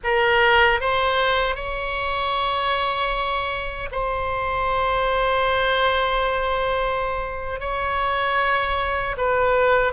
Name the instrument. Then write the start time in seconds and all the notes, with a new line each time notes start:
oboe
0.03 A#4
0.80 C5
1.55 C#5
3.91 C5
7.60 C#5
9.17 B4